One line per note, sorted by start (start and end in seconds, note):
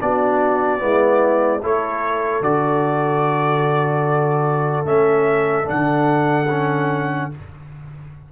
0.00 0.82 B3
0.00 0.78 D4
0.00 0.81 F#4
0.00 1.63 D5
0.78 1.62 G#3
0.78 1.59 B3
0.78 1.62 E4
1.62 2.40 A3
1.62 2.43 E4
1.62 7.30 A4
1.62 2.43 C#5
2.40 4.84 D3
2.40 4.85 F#4
2.40 4.86 D5
4.84 5.65 A3
4.84 5.65 C#4
4.84 5.68 E5
5.65 7.32 D3
5.65 6.46 D4
5.65 7.31 F#5
6.50 7.31 C#4